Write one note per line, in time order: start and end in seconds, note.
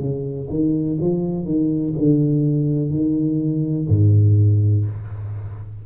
0.00 0.48 C#3
0.50 0.99 D#3
1.01 1.45 F3
1.45 1.94 D#3
1.98 2.90 D3
2.90 3.87 D#3
3.89 4.86 G#2